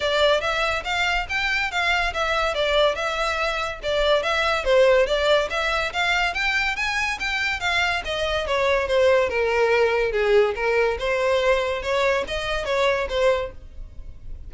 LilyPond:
\new Staff \with { instrumentName = "violin" } { \time 4/4 \tempo 4 = 142 d''4 e''4 f''4 g''4 | f''4 e''4 d''4 e''4~ | e''4 d''4 e''4 c''4 | d''4 e''4 f''4 g''4 |
gis''4 g''4 f''4 dis''4 | cis''4 c''4 ais'2 | gis'4 ais'4 c''2 | cis''4 dis''4 cis''4 c''4 | }